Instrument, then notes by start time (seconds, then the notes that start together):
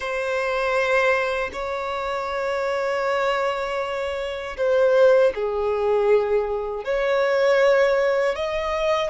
violin
0.00 C5
1.53 C#5
4.57 C5
5.34 G#4
6.84 C#5
8.35 D#5